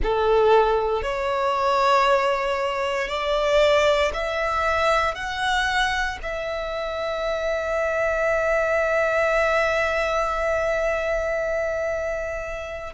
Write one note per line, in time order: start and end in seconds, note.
0.03 1.02 A4
1.02 3.08 C#5
3.08 4.11 D5
4.13 5.14 E5
5.14 6.18 F#5
6.22 12.93 E5